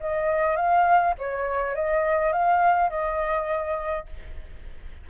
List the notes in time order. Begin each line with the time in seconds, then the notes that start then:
0.00 D#5
0.56 F5
1.18 C#5
1.75 D#5
2.32 F5
2.90 D#5